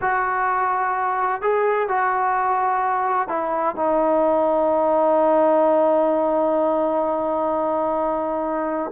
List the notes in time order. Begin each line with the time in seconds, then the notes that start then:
0.01 F#4
1.41 G#4
1.88 F#4
3.28 E4
3.75 D#4